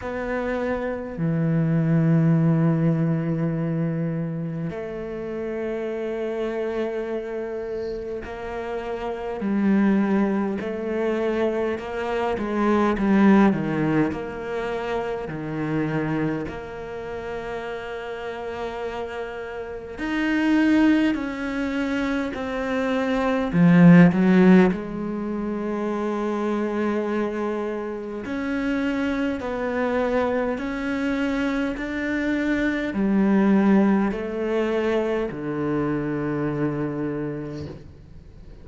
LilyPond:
\new Staff \with { instrumentName = "cello" } { \time 4/4 \tempo 4 = 51 b4 e2. | a2. ais4 | g4 a4 ais8 gis8 g8 dis8 | ais4 dis4 ais2~ |
ais4 dis'4 cis'4 c'4 | f8 fis8 gis2. | cis'4 b4 cis'4 d'4 | g4 a4 d2 | }